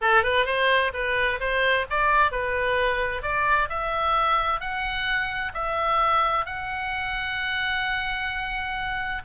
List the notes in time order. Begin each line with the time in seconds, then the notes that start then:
0.01 A4
0.23 B4
0.45 C5
0.93 B4
1.40 C5
1.89 D5
2.31 B4
3.22 D5
3.69 E5
4.60 F#5
5.53 E5
6.45 F#5